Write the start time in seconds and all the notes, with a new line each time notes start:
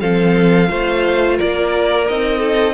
0.00 F3 C4 A4 F5
0.68 A3 F4 C5
1.36 A#3 A#4 D5
2.07 C4 D#4 D#5
2.38 A4